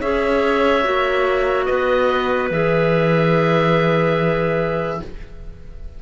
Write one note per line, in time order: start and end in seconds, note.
0.00 0.85 C#4
0.00 0.84 G#4
0.00 1.66 C#5
0.00 1.66 E5
0.84 1.69 A#3
0.84 2.51 F#4
1.66 2.51 B3
1.66 4.99 B4
1.66 2.49 D#5
2.51 5.01 E3
2.51 5.02 G#4
2.51 5.03 E5